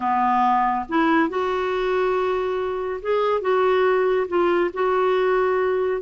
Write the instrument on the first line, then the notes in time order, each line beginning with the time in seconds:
clarinet
0.00 B3
0.88 E4
1.29 F#4
3.01 G#4
3.41 F#4
4.27 F4
4.73 F#4